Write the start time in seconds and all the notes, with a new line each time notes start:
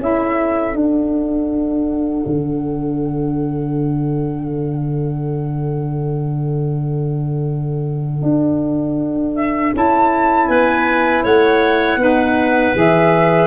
0.00 C#4 E4 A4 E5
0.75 D4 F#5
2.26 D3
8.23 D4
9.36 E5
9.74 C#4 E4 A5
10.48 B3 B4 G#5
11.24 A3 C#5 F#5
11.97 B3 D#4 B4
12.75 E3 G#4 E5